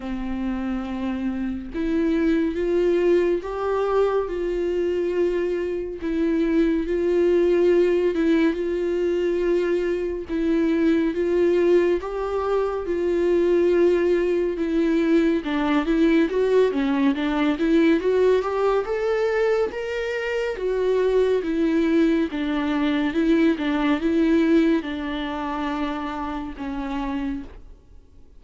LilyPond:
\new Staff \with { instrumentName = "viola" } { \time 4/4 \tempo 4 = 70 c'2 e'4 f'4 | g'4 f'2 e'4 | f'4. e'8 f'2 | e'4 f'4 g'4 f'4~ |
f'4 e'4 d'8 e'8 fis'8 cis'8 | d'8 e'8 fis'8 g'8 a'4 ais'4 | fis'4 e'4 d'4 e'8 d'8 | e'4 d'2 cis'4 | }